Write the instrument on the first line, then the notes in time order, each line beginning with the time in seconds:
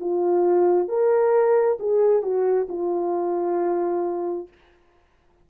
horn
0.00 F4
0.88 A#4
1.80 G#4
2.22 F#4
2.69 F4